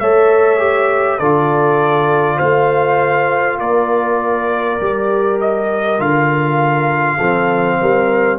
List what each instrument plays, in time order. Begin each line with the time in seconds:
0.00 tuba A3, trombone A4, horn C#5, trumpet E5
0.58 trombone G4
1.19 tuba D3, trombone F4, horn A4, trumpet D5
2.37 tuba A3, horn C5, trumpet F5
3.58 tuba A#3, horn A#4, trumpet D5
4.80 tuba G3, trombone G4
5.41 trumpet D#5
5.99 tuba D3, trombone F4, trumpet F5
7.17 tuba F3, trombone C4, horn A4
7.81 tuba G3, horn A#4